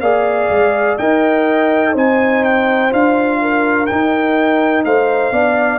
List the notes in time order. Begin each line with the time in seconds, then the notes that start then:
0.00 A#3 G#4 D5 F5
0.49 G#3
0.98 D#4 A#4 D#5 G5
1.92 C4 D#4 C5 G#5
2.44 G5
2.90 D4 F4 F5
3.41 A#4
3.86 D#4 G5
4.84 A3 C5 F5
5.31 B3 D4 D5